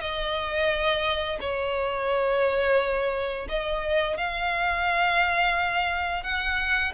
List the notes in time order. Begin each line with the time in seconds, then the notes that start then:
0.00 D#5
1.40 C#5
3.49 D#5
4.17 F5
6.23 F#5